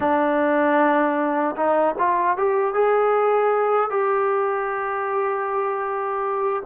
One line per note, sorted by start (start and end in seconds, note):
0.00 1.55 D4
1.56 1.95 D#4
1.98 2.37 F4
2.37 2.73 G4
2.73 3.90 G#4
3.90 6.62 G4